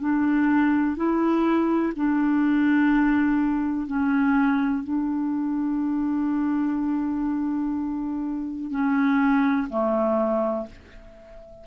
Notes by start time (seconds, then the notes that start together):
0.00 D4
0.96 E4
1.96 D4
3.87 C#4
4.84 D4
8.71 C#4
9.70 A3